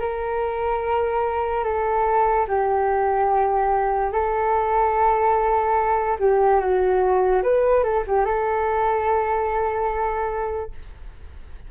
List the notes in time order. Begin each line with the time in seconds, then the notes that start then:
0.00 A#4
1.64 A4
2.47 G4
4.12 A4
6.19 G4
6.60 F#4
7.43 B4
7.83 A4
8.07 G4
8.25 A4